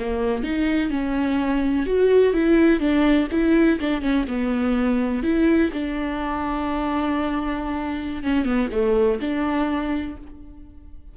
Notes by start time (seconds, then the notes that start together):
0.00 A#3
0.44 D#4
0.91 C#4
1.87 F#4
2.34 E4
2.80 D4
3.32 E4
3.80 D4
4.02 C#4
4.28 B3
5.23 E4
5.73 D4
8.24 C#4
8.45 B3
8.72 A3
9.21 D4